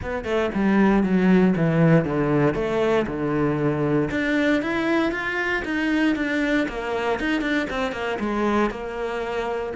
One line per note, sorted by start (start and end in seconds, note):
0.01 0.24 B3
0.24 0.50 A3
0.54 1.03 G3
1.03 1.54 F#3
1.56 2.04 E3
2.04 2.54 D3
2.54 3.05 A3
3.07 4.09 D3
4.10 4.62 D4
4.62 5.11 E4
5.11 5.62 F4
5.64 6.15 D#4
6.15 6.67 D4
6.68 7.19 A#3
7.19 7.41 D#4
7.41 7.67 D4
7.69 7.92 C4
7.92 8.17 A#3
8.19 8.70 G#3
8.70 9.72 A#3